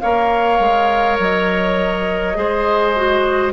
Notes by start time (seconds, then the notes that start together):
0.00 A#3 A#4 C#5 F5
0.60 G#3
1.20 F#3 D#5
2.35 G#3 G#4 C5
2.97 F#4